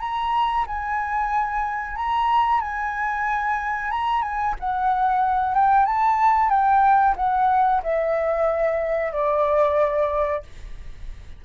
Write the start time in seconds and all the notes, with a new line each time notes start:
0.00 A#5
0.67 G#5
1.96 A#5
2.61 G#5
3.91 A#5
4.22 G#5
4.60 F#5
5.54 G5
5.86 A5
6.50 G5
7.17 F#5
7.83 E5
9.13 D5